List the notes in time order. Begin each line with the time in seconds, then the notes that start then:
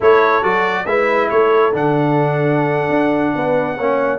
0.00 A3 E4 A4 C#5
0.42 F#3 F#4 D5
0.86 G#3 E4 B4 E5
1.29 A3 A4 C#5
1.72 D3 D4 F#5
2.89 D4
3.35 B3 B4
3.76 A#3 C#4 C#5